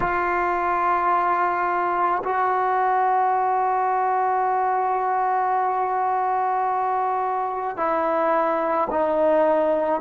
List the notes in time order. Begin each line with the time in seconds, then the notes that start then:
0.00 F4
2.24 F#4
7.76 E4
8.90 D#4